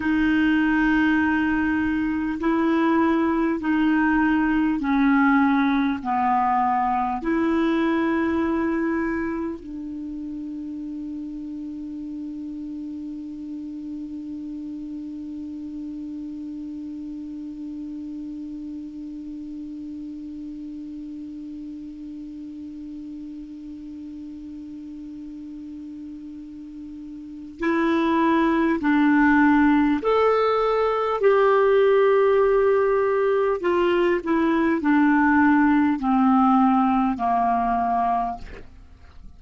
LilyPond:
\new Staff \with { instrumentName = "clarinet" } { \time 4/4 \tempo 4 = 50 dis'2 e'4 dis'4 | cis'4 b4 e'2 | d'1~ | d'1~ |
d'1~ | d'2. e'4 | d'4 a'4 g'2 | f'8 e'8 d'4 c'4 ais4 | }